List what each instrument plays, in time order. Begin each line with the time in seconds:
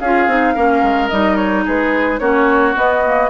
0.00 bassoon C#4, clarinet F4, oboe G#4, flute F5
0.27 bassoon C4, clarinet D#4
0.54 bassoon A#3, clarinet C#4, oboe A#4
0.82 bassoon G#3
1.08 bassoon G3, clarinet D#4, flute D#5
1.36 flute C#5
1.65 bassoon G#3, oboe G#4, flute B4
2.19 bassoon A#3, clarinet C#4, oboe F#4, flute C#5
2.75 clarinet B3, bassoon B3, flute D#5
3.05 clarinet A#3